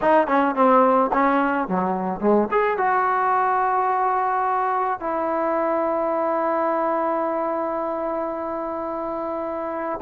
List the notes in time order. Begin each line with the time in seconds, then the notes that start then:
0.01 D#4
0.27 C#4
0.55 C4
1.12 C#4
1.68 F#3
2.20 G#3
2.51 G#4
2.77 F#4
5.00 E4